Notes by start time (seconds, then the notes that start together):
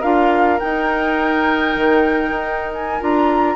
0.00 D4 F4 A#4 F5
0.60 D#4 G5
1.76 D#3
2.30 D#4
2.74 G#5
3.01 D4 F4 A#5